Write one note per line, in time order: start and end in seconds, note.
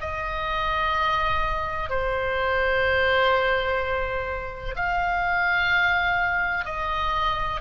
0.00 1.89 D#5
1.89 4.75 C5
4.75 6.65 F5
6.65 7.60 D#5